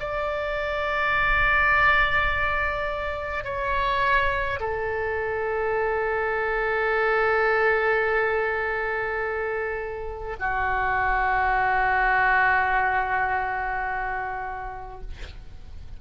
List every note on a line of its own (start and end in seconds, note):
0.00 3.45 D5
3.45 4.60 C#5
4.60 10.37 A4
10.40 15.01 F#4